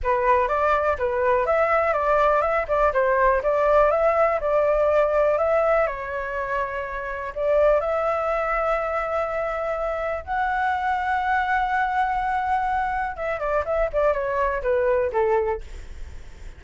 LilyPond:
\new Staff \with { instrumentName = "flute" } { \time 4/4 \tempo 4 = 123 b'4 d''4 b'4 e''4 | d''4 e''8 d''8 c''4 d''4 | e''4 d''2 e''4 | cis''2. d''4 |
e''1~ | e''4 fis''2.~ | fis''2. e''8 d''8 | e''8 d''8 cis''4 b'4 a'4 | }